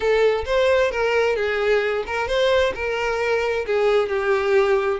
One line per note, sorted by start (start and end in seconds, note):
0.00 0.44 A4
0.45 0.91 C5
0.91 1.35 A#4
1.35 2.04 G#4
2.06 2.27 A#4
2.27 2.73 C5
2.74 3.65 A#4
3.66 4.08 G#4
4.08 4.99 G4